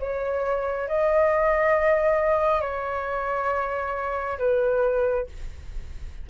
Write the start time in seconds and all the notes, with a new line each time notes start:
0.00 C#5
0.88 D#5
2.61 C#5
4.39 B4